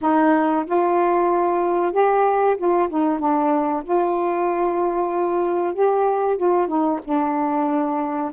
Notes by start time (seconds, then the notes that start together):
0.01 D#4
0.66 F4
1.92 G4
2.57 F4
2.89 D#4
3.19 D4
3.84 F4
5.74 G4
6.37 F4
6.67 D#4
7.04 D4